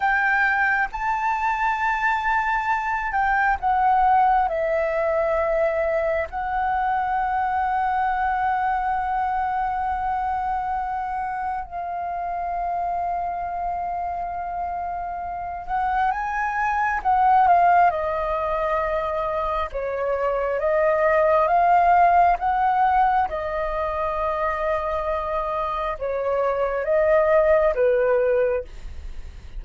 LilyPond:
\new Staff \with { instrumentName = "flute" } { \time 4/4 \tempo 4 = 67 g''4 a''2~ a''8 g''8 | fis''4 e''2 fis''4~ | fis''1~ | fis''4 f''2.~ |
f''4. fis''8 gis''4 fis''8 f''8 | dis''2 cis''4 dis''4 | f''4 fis''4 dis''2~ | dis''4 cis''4 dis''4 b'4 | }